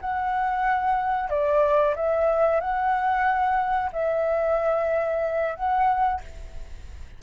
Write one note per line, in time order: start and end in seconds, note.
0.00 1.29 F#5
1.29 1.94 D5
1.95 2.60 E5
2.60 3.90 F#5
3.92 5.55 E5
5.55 6.20 F#5